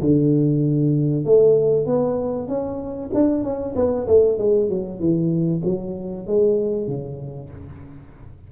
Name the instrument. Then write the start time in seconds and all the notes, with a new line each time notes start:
tuba
0.00 D3
1.24 A3
1.86 B3
2.48 C#4
3.14 D4
3.43 C#4
3.75 B3
4.07 A3
4.38 G#3
4.69 F#3
4.99 E3
5.64 F#3
6.26 G#3
6.87 C#3